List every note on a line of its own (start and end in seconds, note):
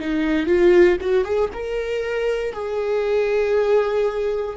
0.00 0.47 D#4
0.47 0.98 F4
1.01 1.25 F#4
1.25 1.50 G#4
1.53 2.53 A#4
2.53 4.57 G#4